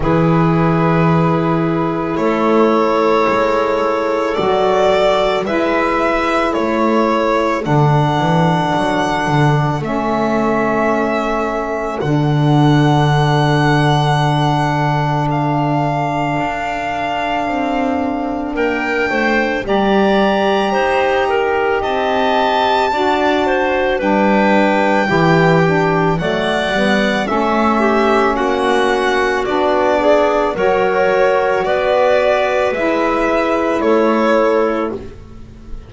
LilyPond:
<<
  \new Staff \with { instrumentName = "violin" } { \time 4/4 \tempo 4 = 55 b'2 cis''2 | d''4 e''4 cis''4 fis''4~ | fis''4 e''2 fis''4~ | fis''2 f''2~ |
f''4 g''4 ais''2 | a''2 g''2 | fis''4 e''4 fis''4 d''4 | cis''4 d''4 e''4 cis''4 | }
  \new Staff \with { instrumentName = "clarinet" } { \time 4/4 gis'2 a'2~ | a'4 b'4 a'2~ | a'1~ | a'1~ |
a'4 ais'8 c''8 d''4 c''8 ais'8 | dis''4 d''8 c''8 b'4 g'4 | d''4 a'8 g'8 fis'4. gis'8 | ais'4 b'2 a'4 | }
  \new Staff \with { instrumentName = "saxophone" } { \time 4/4 e'1 | fis'4 e'2 d'4~ | d'4 cis'2 d'4~ | d'1~ |
d'2 g'2~ | g'4 fis'4 d'4 e'8 d'8 | a8 b8 cis'2 d'4 | fis'2 e'2 | }
  \new Staff \with { instrumentName = "double bass" } { \time 4/4 e2 a4 gis4 | fis4 gis4 a4 d8 e8 | fis8 d8 a2 d4~ | d2. d'4 |
c'4 ais8 a8 g4 dis'4 | c'4 d'4 g4 e4 | fis8 g8 a4 ais4 b4 | fis4 b4 gis4 a4 | }
>>